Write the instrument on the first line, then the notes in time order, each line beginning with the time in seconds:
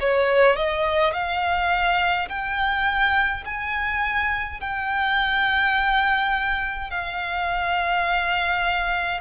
violin
0.00 C#5
0.56 D#5
1.13 F5
2.29 G5
3.45 G#5
4.60 G5
6.90 F5